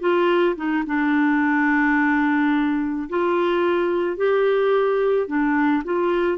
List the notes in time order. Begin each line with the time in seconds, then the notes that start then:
0.00 F4
0.56 D#4
0.86 D4
3.09 F4
4.17 G4
5.27 D4
5.84 F4